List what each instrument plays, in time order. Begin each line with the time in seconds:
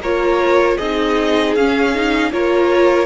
0.00 cello A#3, viola F4, violin A#4 C#5
0.77 cello C4, viola D#4, violin G#4 D#5
1.55 cello C#4, viola C#4, violin F5
1.94 viola D#4
2.32 cello A#3, viola F4, violin A#4 C#5